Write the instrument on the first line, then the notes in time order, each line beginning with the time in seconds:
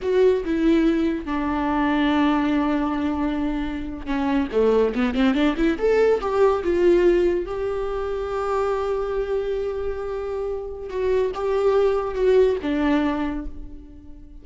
viola
0.02 F#4
0.44 E4
1.25 D4
4.06 C#4
4.51 A3
4.95 B3
5.14 C4
5.34 D4
5.56 E4
5.78 A4
6.20 G4
6.63 F4
7.45 G4
10.89 F#4
11.34 G4
12.14 F#4
12.61 D4